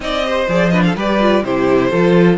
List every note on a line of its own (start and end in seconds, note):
0.00 0.46 C4
0.00 0.23 D#4
0.00 0.25 D5
0.00 0.48 D#5
0.24 0.48 G4
0.24 0.72 C5
0.48 0.95 F3
0.48 0.72 G#4
0.48 0.69 D5
0.69 0.96 D4
0.69 0.84 B4
0.69 0.81 D#5
0.83 0.95 A4
0.83 0.95 F5
0.95 1.43 G3
0.95 1.20 G4
0.95 1.43 B4
0.95 1.44 D5
1.20 1.44 F4
1.43 1.91 C3
1.43 1.92 E4
1.43 1.90 G4
1.43 2.38 C5
1.90 2.38 F3
1.90 2.38 F4
1.90 2.38 A4